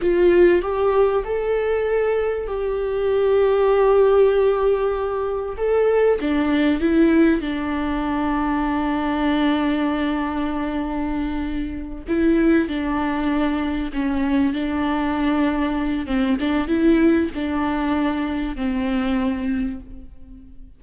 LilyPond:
\new Staff \with { instrumentName = "viola" } { \time 4/4 \tempo 4 = 97 f'4 g'4 a'2 | g'1~ | g'4 a'4 d'4 e'4 | d'1~ |
d'2.~ d'8 e'8~ | e'8 d'2 cis'4 d'8~ | d'2 c'8 d'8 e'4 | d'2 c'2 | }